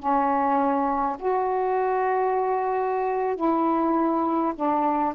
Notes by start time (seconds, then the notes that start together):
0.00 C#4
1.20 F#4
3.36 E4
4.56 D4